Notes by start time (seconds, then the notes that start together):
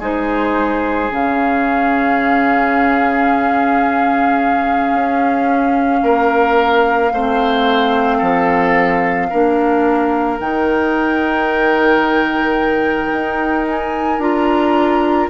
0.00 G#3 D#4 G#4 C5
1.10 C#3 C#4 F5
4.93 C#4
6.03 A#3 A#4
7.13 A3 C4 C5
8.18 F3 A4
9.30 A#3 D4 A#4
10.39 D#3 D#4 G5
13.13 D#4
13.68 G#5
14.19 D4 F4 A#5